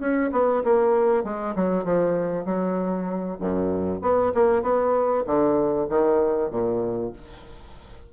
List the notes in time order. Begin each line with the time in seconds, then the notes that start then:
0.00 C#4
0.32 B3
0.64 A#3
1.24 G#3
1.55 F#3
1.85 F3
2.45 F#3
3.40 F#2
4.02 B3
4.35 A#3
4.63 B3
5.26 D3
5.89 D#3
6.51 A#2